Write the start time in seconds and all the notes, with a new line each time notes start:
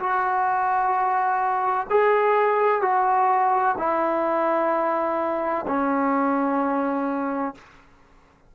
0.00 F#4
1.90 G#4
2.82 F#4
3.78 E4
5.68 C#4